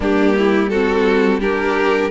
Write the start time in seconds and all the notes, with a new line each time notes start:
0.00 G3 A#3 D4 G4
0.37 E4
0.69 C4 F#4 A4
1.40 D4 G4 A#4